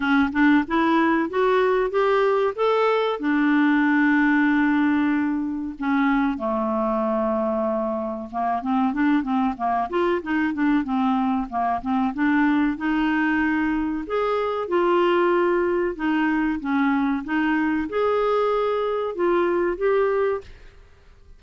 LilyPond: \new Staff \with { instrumentName = "clarinet" } { \time 4/4 \tempo 4 = 94 cis'8 d'8 e'4 fis'4 g'4 | a'4 d'2.~ | d'4 cis'4 a2~ | a4 ais8 c'8 d'8 c'8 ais8 f'8 |
dis'8 d'8 c'4 ais8 c'8 d'4 | dis'2 gis'4 f'4~ | f'4 dis'4 cis'4 dis'4 | gis'2 f'4 g'4 | }